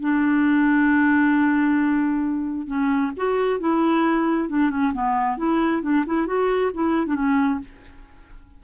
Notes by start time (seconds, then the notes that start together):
0.00 D4
2.67 C#4
3.17 F#4
3.60 E4
4.49 D4
4.70 C#4
4.93 B3
5.37 E4
5.82 D4
6.06 E4
6.27 F#4
6.74 E4
7.06 D4
7.15 C#4